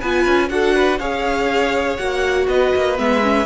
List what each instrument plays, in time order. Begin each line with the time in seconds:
0.00 cello B3, viola F4, violin B4 G#5
0.26 cello C#4
0.48 cello D4, viola F#4, violin A4 F#5
0.75 violin B4
0.98 cello C#4, viola G#4, violin C#5 F5
1.97 cello A#3, viola F#4, violin F#5
2.47 cello B3, violin B4 D#5
2.75 cello A#3
2.97 cello G#3, viola B3, violin E5
3.23 viola C#4